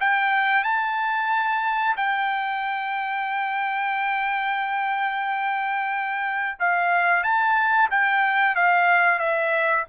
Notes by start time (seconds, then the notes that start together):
0.00 G5
0.64 A5
1.96 G5
6.59 F5
7.23 A5
7.90 G5
8.55 F5
9.19 E5